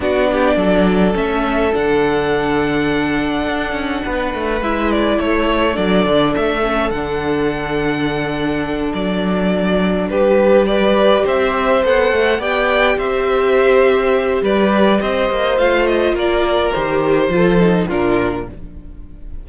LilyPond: <<
  \new Staff \with { instrumentName = "violin" } { \time 4/4 \tempo 4 = 104 d''2 e''4 fis''4~ | fis''1 | e''8 d''8 cis''4 d''4 e''4 | fis''2.~ fis''8 d''8~ |
d''4. b'4 d''4 e''8~ | e''8 fis''4 g''4 e''4.~ | e''4 d''4 dis''4 f''8 dis''8 | d''4 c''2 ais'4 | }
  \new Staff \with { instrumentName = "violin" } { \time 4/4 fis'8 g'8 a'2.~ | a'2. b'4~ | b'4 a'2.~ | a'1~ |
a'4. g'4 b'4 c''8~ | c''4. d''4 c''4.~ | c''4 b'4 c''2 | ais'2 a'4 f'4 | }
  \new Staff \with { instrumentName = "viola" } { \time 4/4 d'2 cis'4 d'4~ | d'1 | e'2 d'4. cis'8 | d'1~ |
d'2~ d'8 g'4.~ | g'8 a'4 g'2~ g'8~ | g'2. f'4~ | f'4 g'4 f'8 dis'8 d'4 | }
  \new Staff \with { instrumentName = "cello" } { \time 4/4 b4 fis4 a4 d4~ | d2 d'8 cis'8 b8 a8 | gis4 a4 fis8 d8 a4 | d2.~ d8 fis8~ |
fis4. g2 c'8~ | c'8 b8 a8 b4 c'4.~ | c'4 g4 c'8 ais8 a4 | ais4 dis4 f4 ais,4 | }
>>